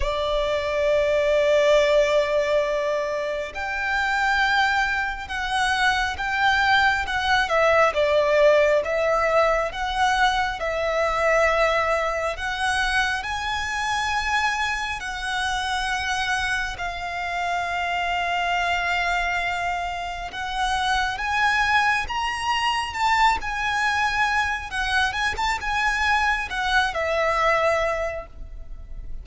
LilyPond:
\new Staff \with { instrumentName = "violin" } { \time 4/4 \tempo 4 = 68 d''1 | g''2 fis''4 g''4 | fis''8 e''8 d''4 e''4 fis''4 | e''2 fis''4 gis''4~ |
gis''4 fis''2 f''4~ | f''2. fis''4 | gis''4 ais''4 a''8 gis''4. | fis''8 gis''16 a''16 gis''4 fis''8 e''4. | }